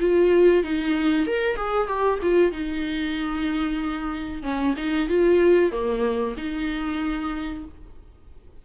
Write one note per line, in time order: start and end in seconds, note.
0.00 0.63 F4
0.63 1.26 D#4
1.26 1.56 A#4
1.56 1.87 G#4
1.87 2.19 G4
2.22 2.52 F4
2.52 4.42 D#4
4.42 4.74 C#4
4.76 5.08 D#4
5.08 5.71 F4
5.71 6.35 A#3
6.37 7.64 D#4